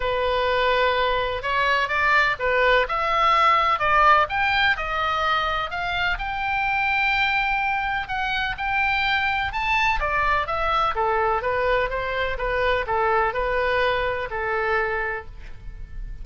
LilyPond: \new Staff \with { instrumentName = "oboe" } { \time 4/4 \tempo 4 = 126 b'2. cis''4 | d''4 b'4 e''2 | d''4 g''4 dis''2 | f''4 g''2.~ |
g''4 fis''4 g''2 | a''4 d''4 e''4 a'4 | b'4 c''4 b'4 a'4 | b'2 a'2 | }